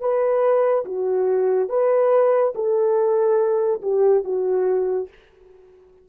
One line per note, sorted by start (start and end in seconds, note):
0.00 0.85 B4
0.85 1.69 F#4
1.69 2.54 B4
2.55 3.81 A4
3.82 4.24 G4
4.24 5.09 F#4